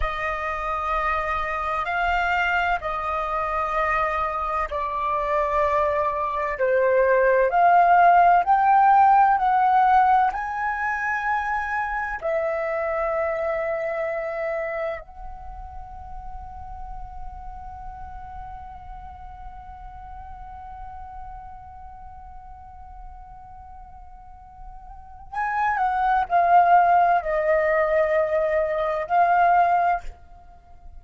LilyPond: \new Staff \with { instrumentName = "flute" } { \time 4/4 \tempo 4 = 64 dis''2 f''4 dis''4~ | dis''4 d''2 c''4 | f''4 g''4 fis''4 gis''4~ | gis''4 e''2. |
fis''1~ | fis''1~ | fis''2. gis''8 fis''8 | f''4 dis''2 f''4 | }